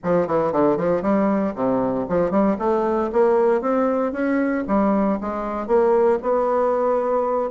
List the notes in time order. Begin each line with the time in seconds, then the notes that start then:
0.03 F3
0.27 E3
0.52 D3
0.76 F3
1.02 G3
1.55 C3
2.08 F3
2.30 G3
2.59 A3
3.12 A#3
3.61 C4
4.12 C#4
4.67 G3
5.21 G#3
5.67 A#3
6.22 B3